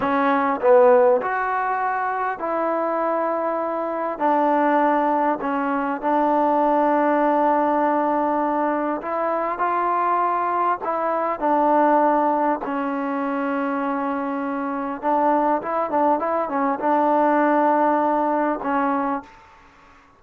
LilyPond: \new Staff \with { instrumentName = "trombone" } { \time 4/4 \tempo 4 = 100 cis'4 b4 fis'2 | e'2. d'4~ | d'4 cis'4 d'2~ | d'2. e'4 |
f'2 e'4 d'4~ | d'4 cis'2.~ | cis'4 d'4 e'8 d'8 e'8 cis'8 | d'2. cis'4 | }